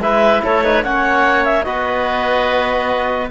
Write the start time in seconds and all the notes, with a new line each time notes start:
0.00 G#3 E4 B4 E5
0.44 A3 A4 C#5
0.64 D#4 B4
0.84 A#3 C#4 C#5 F#5
1.45 E5
1.64 B3 F#4 B4 D#5